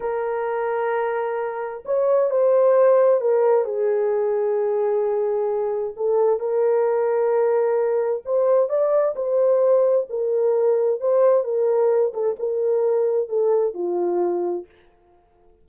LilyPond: \new Staff \with { instrumentName = "horn" } { \time 4/4 \tempo 4 = 131 ais'1 | cis''4 c''2 ais'4 | gis'1~ | gis'4 a'4 ais'2~ |
ais'2 c''4 d''4 | c''2 ais'2 | c''4 ais'4. a'8 ais'4~ | ais'4 a'4 f'2 | }